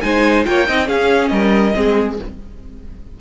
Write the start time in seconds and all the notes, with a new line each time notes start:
0.00 G#3 D#4 C5 G#5
0.45 A#3 F4 C#5 G5
0.67 C4 D#4 D#5
0.85 C#4 G#4 F5
1.28 G3 A#4 D#5
1.73 G#3 C4 G#4